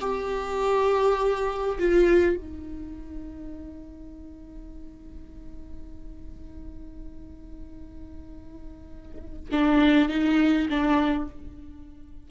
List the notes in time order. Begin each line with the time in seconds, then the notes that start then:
0.00 G4
1.78 F4
2.36 D#4
9.51 D4
10.09 D#4
10.69 D4